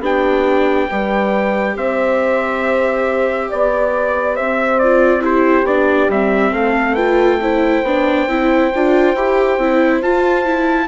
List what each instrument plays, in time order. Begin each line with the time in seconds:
0.00 bassoon B3, viola D4, horn G4, trumpet G5
0.88 bassoon G3, viola G4, horn B4
1.76 bassoon C4, horn C5, trumpet E5
3.49 bassoon B3, horn D5, trumpet D5
4.36 bassoon C4, horn C5, trumpet E5
4.79 viola F4, trumpet D5
5.21 viola E4, horn G4, trumpet C5
5.63 bassoon B3, viola D4, trumpet D5
6.08 bassoon G3, viola C4, trumpet E5
6.52 bassoon A3, horn A4, trumpet F5
6.94 viola F4, horn B4, trumpet G5
7.41 viola E4, horn C5
7.83 bassoon B3, viola D4
8.27 bassoon C4, viola E4
8.75 bassoon D4, viola F4
9.15 bassoon E4, viola G4
9.58 bassoon C4, viola E4
10.01 bassoon F4, viola F4, trumpet A5
10.45 viola E4